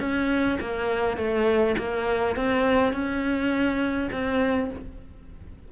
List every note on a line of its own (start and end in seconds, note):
0.00 0.58 C#4
0.60 1.17 A#3
1.17 1.76 A3
1.78 2.36 A#3
2.36 2.93 C4
2.93 4.09 C#4
4.12 4.70 C4